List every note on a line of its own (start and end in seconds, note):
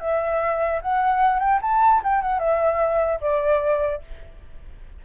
0.00 0.81 E5
0.81 1.39 F#5
1.39 1.59 G5
1.61 2.02 A5
2.03 2.22 G5
2.22 2.39 F#5
2.39 3.20 E5
3.21 4.01 D5